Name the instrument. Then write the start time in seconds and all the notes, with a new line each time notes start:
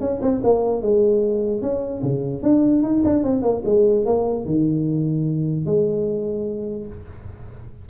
tuba
0.00 C#4
0.21 C4
0.43 A#3
0.82 G#3
1.62 C#4
2.02 C#3
2.42 D4
2.82 D#4
3.04 D4
3.23 C4
3.42 A#3
3.65 G#3
4.05 A#3
4.45 D#3
5.66 G#3